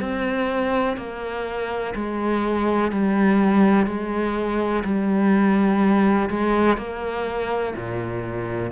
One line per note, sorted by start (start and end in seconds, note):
0.00 0.97 C4
0.97 1.94 A#3
1.95 2.92 G#3
2.92 3.87 G3
3.87 4.83 G#3
4.84 6.29 G3
6.30 6.77 G#3
6.77 7.74 A#3
7.76 8.71 A#2